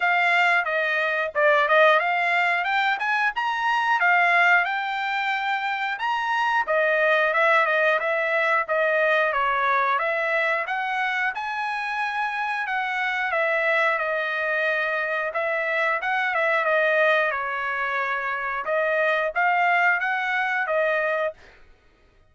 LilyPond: \new Staff \with { instrumentName = "trumpet" } { \time 4/4 \tempo 4 = 90 f''4 dis''4 d''8 dis''8 f''4 | g''8 gis''8 ais''4 f''4 g''4~ | g''4 ais''4 dis''4 e''8 dis''8 | e''4 dis''4 cis''4 e''4 |
fis''4 gis''2 fis''4 | e''4 dis''2 e''4 | fis''8 e''8 dis''4 cis''2 | dis''4 f''4 fis''4 dis''4 | }